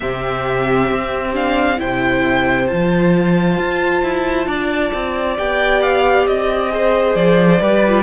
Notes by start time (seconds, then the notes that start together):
0.00 C3 C4 G4 E5
0.91 C4
1.33 D4 F5
1.76 C3 E4 C5 G5
2.67 F3 F4 A5
3.58 F4
4.02 E4
4.46 D4 D5
4.93 C4
5.36 B3 G4 G5
5.82 F5
6.26 C4 D#5
6.69 G#4 C5
7.15 F3 D5
7.60 G3 G4 B4
7.87 F4